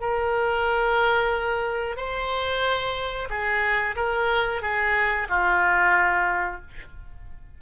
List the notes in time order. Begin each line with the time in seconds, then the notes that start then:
0.00 A#4
1.97 C5
3.30 G#4
3.96 A#4
4.62 G#4
5.29 F4